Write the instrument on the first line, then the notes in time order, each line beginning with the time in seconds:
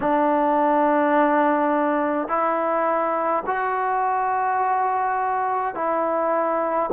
trombone
0.00 D4
2.28 E4
3.46 F#4
5.74 E4